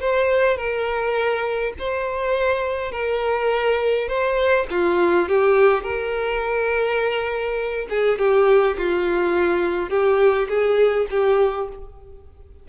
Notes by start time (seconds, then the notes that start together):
0.00 C5
0.56 A#4
1.78 C5
2.91 A#4
4.08 C5
4.70 F4
5.28 G4
5.83 A#4
7.89 G#4
8.18 G4
8.77 F4
9.89 G4
10.48 G#4
11.10 G4